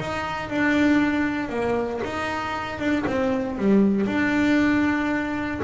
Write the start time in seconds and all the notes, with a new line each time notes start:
0.00 D#4
0.50 D4
1.50 A#3
2.04 D#4
2.79 D4
3.07 C4
3.58 G3
4.07 D4